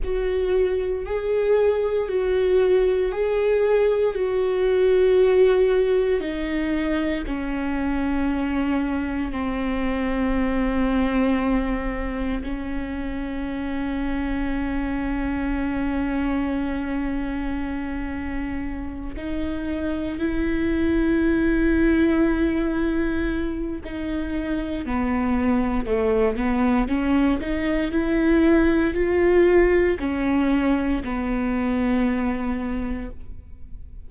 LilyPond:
\new Staff \with { instrumentName = "viola" } { \time 4/4 \tempo 4 = 58 fis'4 gis'4 fis'4 gis'4 | fis'2 dis'4 cis'4~ | cis'4 c'2. | cis'1~ |
cis'2~ cis'8 dis'4 e'8~ | e'2. dis'4 | b4 a8 b8 cis'8 dis'8 e'4 | f'4 cis'4 b2 | }